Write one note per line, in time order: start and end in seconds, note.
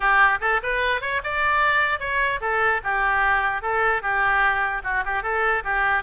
0.00 0.39 G4
0.40 0.60 A4
0.62 1.01 B4
1.01 1.21 C#5
1.23 1.99 D5
1.99 2.40 C#5
2.41 2.81 A4
2.83 3.61 G4
3.61 4.02 A4
4.02 4.82 G4
4.83 5.03 F#4
5.05 5.23 G4
5.23 5.63 A4
5.64 6.03 G4